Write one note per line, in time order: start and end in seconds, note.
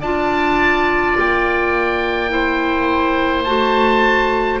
0.00 1.17 D4
0.00 2.29 F4
0.00 2.31 D5
0.00 1.17 A5
1.18 3.47 A#3
1.18 3.44 G5
2.29 3.44 E4
2.29 4.60 C5
3.44 4.60 A3
3.44 4.60 F#4
3.44 4.59 A5